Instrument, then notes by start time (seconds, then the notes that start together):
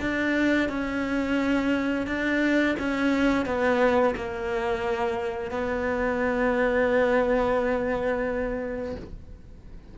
cello
0.00 D4
0.69 C#4
2.07 D4
2.79 C#4
3.46 B3
4.16 A#3
5.51 B3